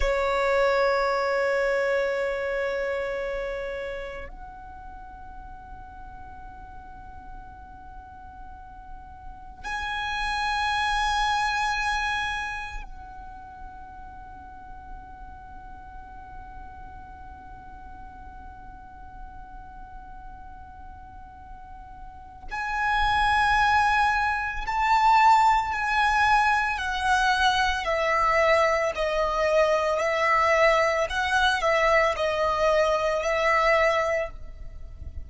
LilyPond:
\new Staff \with { instrumentName = "violin" } { \time 4/4 \tempo 4 = 56 cis''1 | fis''1~ | fis''4 gis''2. | fis''1~ |
fis''1~ | fis''4 gis''2 a''4 | gis''4 fis''4 e''4 dis''4 | e''4 fis''8 e''8 dis''4 e''4 | }